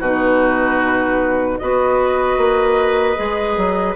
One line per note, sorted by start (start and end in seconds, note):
0.00 1.58 B2
0.00 1.61 D#4
0.00 1.58 F#4
0.00 1.58 B4
1.58 2.37 B3
1.58 3.16 F#4
1.58 3.96 B4
1.58 3.95 D#5
2.37 3.16 A#3
3.16 3.57 G#3
3.16 3.95 G#4
3.57 3.96 F#3